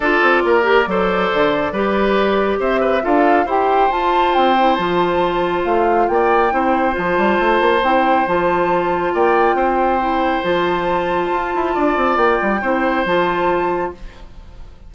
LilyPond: <<
  \new Staff \with { instrumentName = "flute" } { \time 4/4 \tempo 4 = 138 d''1~ | d''2 e''4 f''4 | g''4 a''4 g''4 a''4~ | a''4 f''4 g''2 |
a''2 g''4 a''4~ | a''4 g''2. | a''1 | g''2 a''2 | }
  \new Staff \with { instrumentName = "oboe" } { \time 4/4 a'4 ais'4 c''2 | b'2 c''8 b'8 a'4 | c''1~ | c''2 d''4 c''4~ |
c''1~ | c''4 d''4 c''2~ | c''2. d''4~ | d''4 c''2. | }
  \new Staff \with { instrumentName = "clarinet" } { \time 4/4 f'4. g'8 a'2 | g'2. f'4 | g'4 f'4. e'8 f'4~ | f'2. e'4 |
f'2 e'4 f'4~ | f'2. e'4 | f'1~ | f'4 e'4 f'2 | }
  \new Staff \with { instrumentName = "bassoon" } { \time 4/4 d'8 c'8 ais4 fis4 d4 | g2 c'4 d'4 | e'4 f'4 c'4 f4~ | f4 a4 ais4 c'4 |
f8 g8 a8 ais8 c'4 f4~ | f4 ais4 c'2 | f2 f'8 e'8 d'8 c'8 | ais8 g8 c'4 f2 | }
>>